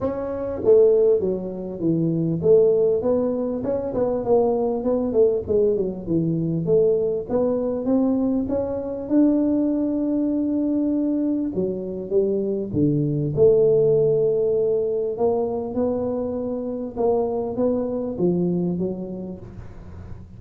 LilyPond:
\new Staff \with { instrumentName = "tuba" } { \time 4/4 \tempo 4 = 99 cis'4 a4 fis4 e4 | a4 b4 cis'8 b8 ais4 | b8 a8 gis8 fis8 e4 a4 | b4 c'4 cis'4 d'4~ |
d'2. fis4 | g4 d4 a2~ | a4 ais4 b2 | ais4 b4 f4 fis4 | }